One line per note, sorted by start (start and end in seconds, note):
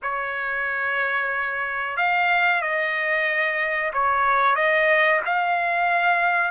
0.02 1.96 C#5
1.96 2.61 F5
2.61 3.92 D#5
3.93 4.55 C#5
4.55 5.21 D#5
5.25 6.51 F5